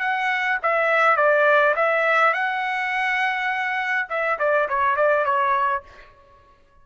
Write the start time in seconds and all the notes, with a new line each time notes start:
0.00 F#5
0.63 E5
1.17 D5
1.76 E5
2.33 F#5
4.09 E5
4.39 D5
4.69 C#5
4.96 D5
5.25 C#5